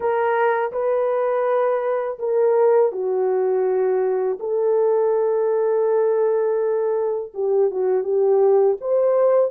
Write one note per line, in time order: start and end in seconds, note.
0.00 0.71 A#4
0.72 2.18 B4
2.19 2.92 A#4
2.92 4.38 F#4
4.39 7.32 A4
7.34 7.70 G4
7.71 8.03 F#4
8.03 8.76 G4
8.80 9.51 C5